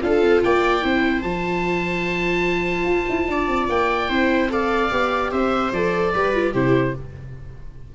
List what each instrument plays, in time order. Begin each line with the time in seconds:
0.00 tuba D4, viola F4 A4, oboe F5
0.22 tuba C4
0.43 tuba A#3, viola D5, oboe G5
0.82 tuba C4, viola E4 C5
1.22 tuba F3, viola F4, oboe A5
2.84 tuba F4
3.09 tuba E4
3.28 tuba D4, viola D5
3.48 tuba C4
3.69 tuba A#3, oboe G5
4.09 tuba C4, viola E4 C5
4.49 viola A4 D5, oboe F5
4.90 tuba B3, viola G4
5.31 tuba C4, viola C5, oboe E5
5.72 tuba F3, viola A4, oboe D5
6.13 tuba G3, viola G4 B4
6.35 viola F4
6.52 tuba C3, viola E4 G4, oboe C5